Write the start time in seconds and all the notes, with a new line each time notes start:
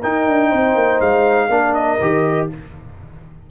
0.00 D#4 A#4 G5
0.28 D4
0.49 C4 C5
0.75 A#3
1.00 G#3 F5
1.49 A#3 D4 A#4
1.74 D#5
2.01 D#3 G4